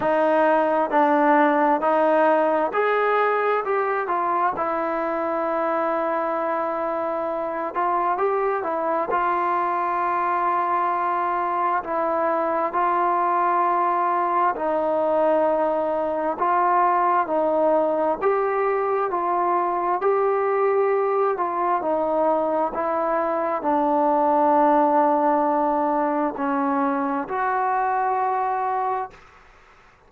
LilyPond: \new Staff \with { instrumentName = "trombone" } { \time 4/4 \tempo 4 = 66 dis'4 d'4 dis'4 gis'4 | g'8 f'8 e'2.~ | e'8 f'8 g'8 e'8 f'2~ | f'4 e'4 f'2 |
dis'2 f'4 dis'4 | g'4 f'4 g'4. f'8 | dis'4 e'4 d'2~ | d'4 cis'4 fis'2 | }